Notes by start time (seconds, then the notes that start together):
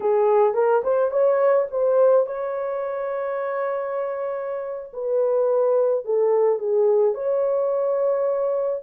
0.00 G#4
0.54 A#4
0.83 C5
1.11 C#5
1.70 C5
2.26 C#5
4.93 B4
6.04 A4
6.58 G#4
7.14 C#5